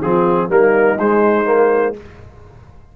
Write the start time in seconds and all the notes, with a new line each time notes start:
0.00 F3 C4 F4 G#4
0.48 G3 A#3 D#4 A#4
0.99 G#3 C5
1.45 A#3